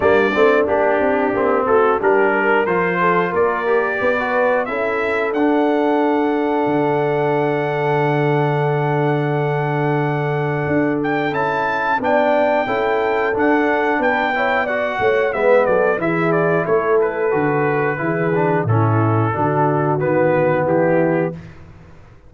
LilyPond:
<<
  \new Staff \with { instrumentName = "trumpet" } { \time 4/4 \tempo 4 = 90 d''4 g'4. a'8 ais'4 | c''4 d''2 e''4 | fis''1~ | fis''1~ |
fis''8 g''8 a''4 g''2 | fis''4 g''4 fis''4 e''8 d''8 | e''8 d''8 cis''8 b'2~ b'8 | a'2 b'4 g'4 | }
  \new Staff \with { instrumentName = "horn" } { \time 4/4 d'2~ d'8 fis'8 g'8 ais'8~ | ais'8 a'8 ais'4 b'4 a'4~ | a'1~ | a'1~ |
a'2 d''4 a'4~ | a'4 b'8 cis''8 d''8 cis''8 b'8 a'8 | gis'4 a'2 gis'4 | e'4 fis'2 e'4 | }
  \new Staff \with { instrumentName = "trombone" } { \time 4/4 ais8 c'8 d'4 c'4 d'4 | f'4. g'8. fis'8. e'4 | d'1~ | d'1~ |
d'4 e'4 d'4 e'4 | d'4. e'8 fis'4 b4 | e'2 fis'4 e'8 d'8 | cis'4 d'4 b2 | }
  \new Staff \with { instrumentName = "tuba" } { \time 4/4 g8 a8 ais8 c'8 ais8 a8 g4 | f4 ais4 b4 cis'4 | d'2 d2~ | d1 |
d'4 cis'4 b4 cis'4 | d'4 b4. a8 gis8 fis8 | e4 a4 d4 e4 | a,4 d4 dis4 e4 | }
>>